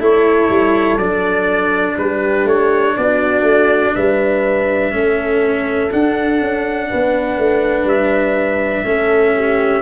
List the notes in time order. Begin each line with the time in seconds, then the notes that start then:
0.00 A3 E4 A4 C#5
0.50 G3
0.98 F#3 D4 D5
1.98 G3 G4 B4
2.45 A3 C#5
2.97 B3 F#4 D5
3.43 A3
3.95 G3 B4 E5
4.92 A3 C#4 A4
5.91 D4 F#5
6.41 C#4
6.90 B3 B4
7.38 A3
7.85 G3 E5
8.85 A3 C#4 A4
9.36 G4